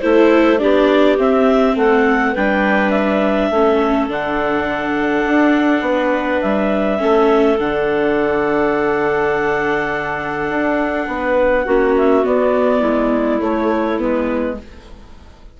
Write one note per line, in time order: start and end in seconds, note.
0.00 0.62 A3
0.00 0.58 E4
0.00 0.60 A4
0.00 0.58 C5
0.58 1.18 B3
0.58 1.16 D4
0.58 1.75 G4
0.58 1.17 D5
1.17 2.34 C4
1.17 1.75 C4
1.17 1.77 E5
1.75 2.34 A3
1.75 2.32 A4
1.75 2.35 F#5
2.32 3.50 G3
2.32 3.53 D4
2.32 3.48 B4
2.32 2.90 G5
2.90 4.06 E5
3.50 4.08 A3
3.50 4.09 C#4
3.50 5.84 A4
4.08 5.24 D3
4.08 6.98 D4
4.08 6.41 F#5
5.25 5.81 D4
5.81 6.39 B3
5.81 6.99 B4
6.41 7.01 G3
6.41 7.58 E5
6.98 7.59 A3
6.98 7.56 C#4
6.98 11.07 A4
7.58 10.50 D3
7.58 11.67 D4
7.58 11.95 F#5
10.50 11.07 D4
11.07 11.65 B3
11.07 11.65 B4
11.65 12.25 A#3
11.65 12.24 C#4
11.65 12.79 F#4
11.97 12.25 E5
12.24 13.39 B3
12.24 12.82 B3
12.24 13.41 D5
12.79 13.40 G#3
12.79 14.54 E4
13.39 13.98 A3
13.39 14.00 A3
13.39 13.99 C#5
13.99 14.60 G#3
13.99 14.57 B3
13.99 14.57 B4